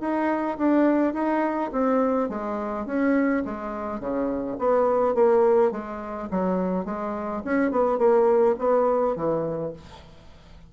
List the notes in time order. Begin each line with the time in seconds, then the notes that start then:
0.00 D#4
0.58 D4
1.14 D#4
1.72 C4
2.29 G#3
2.86 C#4
3.45 G#3
4.00 C#3
4.58 B3
5.15 A#3
5.71 G#3
6.31 F#3
6.85 G#3
7.45 C#4
7.71 B3
7.98 A#3
8.58 B3
9.16 E3